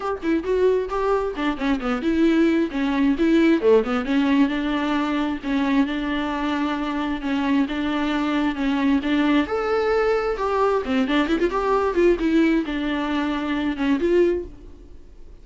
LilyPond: \new Staff \with { instrumentName = "viola" } { \time 4/4 \tempo 4 = 133 g'8 e'8 fis'4 g'4 d'8 cis'8 | b8 e'4. cis'4 e'4 | a8 b8 cis'4 d'2 | cis'4 d'2. |
cis'4 d'2 cis'4 | d'4 a'2 g'4 | c'8 d'8 e'16 f'16 g'4 f'8 e'4 | d'2~ d'8 cis'8 f'4 | }